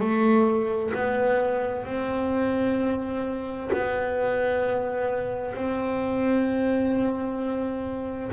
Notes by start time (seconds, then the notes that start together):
0.00 A3
0.94 B3
1.85 C4
3.73 B3
5.55 C4